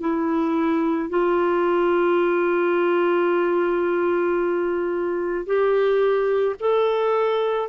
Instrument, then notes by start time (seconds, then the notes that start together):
clarinet
0.00 E4
1.09 F4
5.46 G4
6.60 A4